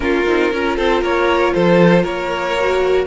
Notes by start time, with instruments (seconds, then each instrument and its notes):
0.00 cello A#3, viola C#4, violin F4 A#4
0.26 cello C4, viola D#4
0.52 cello C#4, viola F4, violin A#4
0.76 cello C4, violin A4 C5
1.01 cello A#3, violin A#4 C#5
1.54 cello F3, violin A4 C5
2.02 cello A#3, violin A#4 C#5
2.59 viola F#4